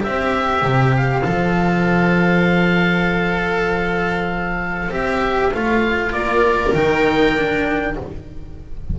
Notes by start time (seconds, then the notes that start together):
0.00 C4 G4 C5 E5
0.62 C3
0.97 F5
1.24 F3 A4
4.89 C4 G4 E5
5.54 A3 F4 F5
6.12 A#3 A#4 D5
6.74 D#3 D#4 G5
7.36 D4